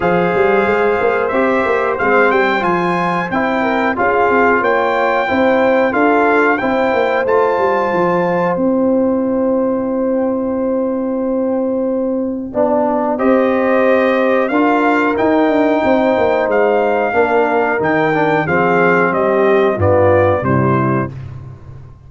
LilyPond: <<
  \new Staff \with { instrumentName = "trumpet" } { \time 4/4 \tempo 4 = 91 f''2 e''4 f''8 g''8 | gis''4 g''4 f''4 g''4~ | g''4 f''4 g''4 a''4~ | a''4 g''2.~ |
g''1 | dis''2 f''4 g''4~ | g''4 f''2 g''4 | f''4 dis''4 d''4 c''4 | }
  \new Staff \with { instrumentName = "horn" } { \time 4/4 c''1~ | c''4. ais'8 gis'4 cis''4 | c''4 a'4 c''2~ | c''1~ |
c''2. d''4 | c''2 ais'2 | c''2 ais'2 | gis'4 g'4 f'4 e'4 | }
  \new Staff \with { instrumentName = "trombone" } { \time 4/4 gis'2 g'4 c'4 | f'4 e'4 f'2 | e'4 f'4 e'4 f'4~ | f'4 e'2.~ |
e'2. d'4 | g'2 f'4 dis'4~ | dis'2 d'4 dis'8 d'8 | c'2 b4 g4 | }
  \new Staff \with { instrumentName = "tuba" } { \time 4/4 f8 g8 gis8 ais8 c'8 ais8 gis8 g8 | f4 c'4 cis'8 c'8 ais4 | c'4 d'4 c'8 ais8 a8 g8 | f4 c'2.~ |
c'2. b4 | c'2 d'4 dis'8 d'8 | c'8 ais8 gis4 ais4 dis4 | f4 g4 g,4 c4 | }
>>